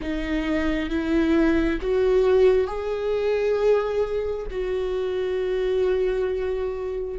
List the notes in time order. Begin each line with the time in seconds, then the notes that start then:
0.01 D#4
0.90 E4
1.81 F#4
2.67 G#4
4.50 F#4